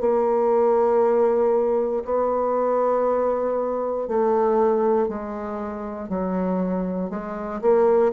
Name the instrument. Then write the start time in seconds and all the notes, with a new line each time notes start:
bassoon
0.00 A#3
2.04 B3
4.08 A3
5.08 G#3
6.09 F#3
7.10 G#3
7.61 A#3